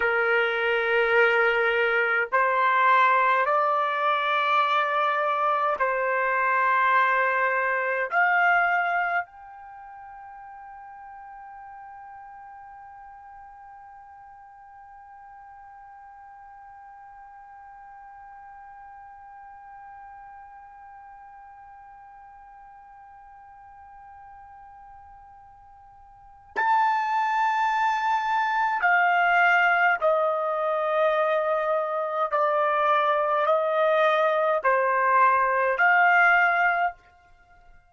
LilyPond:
\new Staff \with { instrumentName = "trumpet" } { \time 4/4 \tempo 4 = 52 ais'2 c''4 d''4~ | d''4 c''2 f''4 | g''1~ | g''1~ |
g''1~ | g''2. a''4~ | a''4 f''4 dis''2 | d''4 dis''4 c''4 f''4 | }